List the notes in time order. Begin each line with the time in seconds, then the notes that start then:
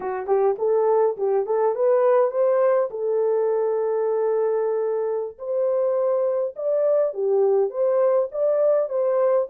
0.00 F#4
0.26 G4
0.58 A4
1.17 G4
1.46 A4
1.75 B4
2.31 C5
2.90 A4
5.38 C5
6.56 D5
7.13 G4
7.70 C5
8.31 D5
8.89 C5